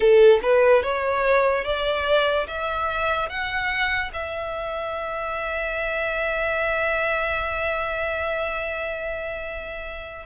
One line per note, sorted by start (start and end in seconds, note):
0.00 0.40 A4
0.42 0.83 B4
0.83 1.64 C#5
1.64 2.46 D5
2.47 3.29 E5
3.29 4.11 F#5
4.13 10.26 E5